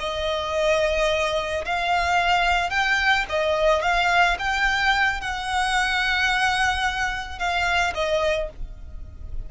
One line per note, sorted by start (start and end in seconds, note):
0.00 1.65 D#5
1.65 2.70 F5
2.70 3.26 G5
3.30 3.82 D#5
3.82 4.37 F5
4.39 5.21 G5
5.21 7.39 F#5
7.39 7.94 F5
7.95 8.50 D#5